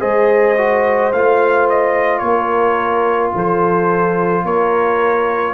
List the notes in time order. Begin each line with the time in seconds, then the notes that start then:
0.00 G#3 G#4 C5 D#5
0.57 F#4
1.13 A3 F4 F5
1.69 D#5
2.19 A#3 A#4 C#5
3.34 F3 A4 C5
4.44 A#3 A#4 C#5